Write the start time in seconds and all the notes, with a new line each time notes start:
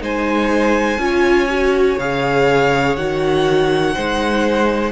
0.00 G#3 D#4 C5 G#5
0.98 C#4 F4
1.05 C#5
1.50 F#4
1.98 C#3 G#4 F5
2.96 D#3 F#4 F#5
3.94 G#3 D#4 C5